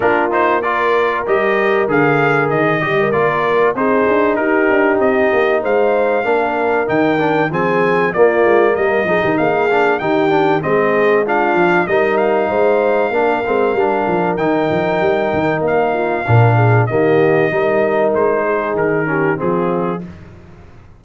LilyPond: <<
  \new Staff \with { instrumentName = "trumpet" } { \time 4/4 \tempo 4 = 96 ais'8 c''8 d''4 dis''4 f''4 | dis''4 d''4 c''4 ais'4 | dis''4 f''2 g''4 | gis''4 d''4 dis''4 f''4 |
g''4 dis''4 f''4 dis''8 f''8~ | f''2. g''4~ | g''4 f''2 dis''4~ | dis''4 c''4 ais'4 gis'4 | }
  \new Staff \with { instrumentName = "horn" } { \time 4/4 f'4 ais'2.~ | ais'8 dis''16 ais'4~ ais'16 gis'4 g'4~ | g'4 c''4 ais'2 | gis'4 f'4 ais'8 gis'16 g'16 gis'4 |
g'4 gis'4 f'4 ais'4 | c''4 ais'2.~ | ais'4. f'8 ais'8 gis'8 g'4 | ais'4. gis'4 g'8 f'4 | }
  \new Staff \with { instrumentName = "trombone" } { \time 4/4 d'8 dis'8 f'4 g'4 gis'4~ | gis'8 g'8 f'4 dis'2~ | dis'2 d'4 dis'8 d'8 | c'4 ais4. dis'4 d'8 |
dis'8 d'8 c'4 d'4 dis'4~ | dis'4 d'8 c'8 d'4 dis'4~ | dis'2 d'4 ais4 | dis'2~ dis'8 cis'8 c'4 | }
  \new Staff \with { instrumentName = "tuba" } { \time 4/4 ais2 g4 d4 | dis8 g8 ais4 c'8 d'8 dis'8 d'8 | c'8 ais8 gis4 ais4 dis4 | f4 ais8 gis8 g8 f16 dis16 ais4 |
dis4 gis4. f8 g4 | gis4 ais8 gis8 g8 f8 dis8 f8 | g8 dis8 ais4 ais,4 dis4 | g4 gis4 dis4 f4 | }
>>